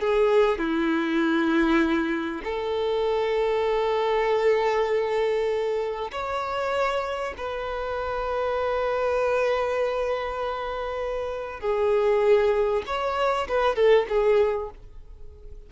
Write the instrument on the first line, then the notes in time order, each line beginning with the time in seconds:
violin
0.00 G#4
0.58 E4
2.44 A4
6.12 C#5
7.37 B4
11.60 G#4
12.87 C#5
13.49 B4
13.76 A4
14.09 G#4